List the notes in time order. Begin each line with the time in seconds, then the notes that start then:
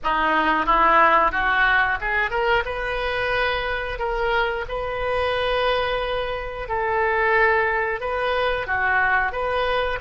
0.03 D#4
0.65 E4
1.31 F#4
2.01 G#4
2.30 A#4
2.65 B4
3.98 A#4
4.68 B4
6.68 A4
8.00 B4
8.67 F#4
9.32 B4